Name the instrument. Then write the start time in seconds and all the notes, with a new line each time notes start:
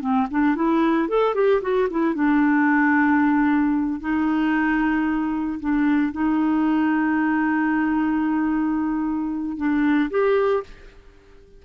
clarinet
0.00 C4
0.30 D4
0.55 E4
1.08 A4
1.34 G4
1.61 F#4
1.90 E4
2.14 D4
4.00 D#4
5.59 D4
6.12 D#4
9.56 D4
10.10 G4